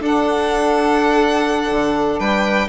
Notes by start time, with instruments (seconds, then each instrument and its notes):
0.00 bassoon D4, saxophone D4, violin A4 F#5
1.71 bassoon D3
2.20 bassoon G3, violin B4 G5